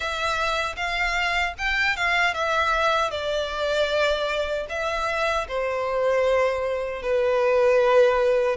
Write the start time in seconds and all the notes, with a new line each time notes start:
0.00 E5
0.76 F5
1.58 G5
1.96 F5
2.34 E5
3.10 D5
4.69 E5
5.48 C5
7.02 B4